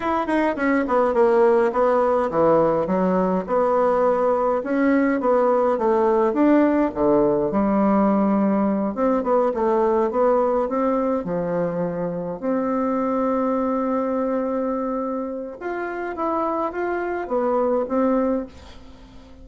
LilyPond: \new Staff \with { instrumentName = "bassoon" } { \time 4/4 \tempo 4 = 104 e'8 dis'8 cis'8 b8 ais4 b4 | e4 fis4 b2 | cis'4 b4 a4 d'4 | d4 g2~ g8 c'8 |
b8 a4 b4 c'4 f8~ | f4. c'2~ c'8~ | c'2. f'4 | e'4 f'4 b4 c'4 | }